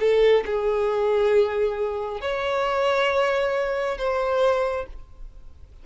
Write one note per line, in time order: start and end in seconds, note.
0.00 0.44 A4
0.47 2.21 G#4
2.21 3.98 C#5
3.98 4.86 C5